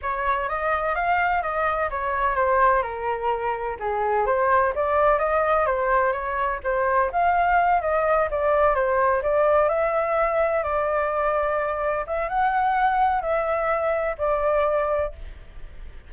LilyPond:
\new Staff \with { instrumentName = "flute" } { \time 4/4 \tempo 4 = 127 cis''4 dis''4 f''4 dis''4 | cis''4 c''4 ais'2 | gis'4 c''4 d''4 dis''4 | c''4 cis''4 c''4 f''4~ |
f''8 dis''4 d''4 c''4 d''8~ | d''8 e''2 d''4.~ | d''4. e''8 fis''2 | e''2 d''2 | }